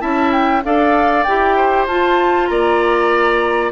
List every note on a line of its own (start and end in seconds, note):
0.00 0.64 C#4
0.00 0.62 E4
0.00 0.63 E5
0.00 0.32 A5
0.32 0.63 G5
0.64 1.26 D4
0.64 1.26 A4
0.64 1.56 D5
0.64 1.24 F5
1.24 1.87 E4
1.24 1.89 G4
1.24 1.85 G5
1.56 2.49 C5
1.87 2.49 F4
1.87 3.72 F4
1.87 2.47 A5
2.47 3.72 A#3
2.47 3.72 D5
2.47 3.71 A#5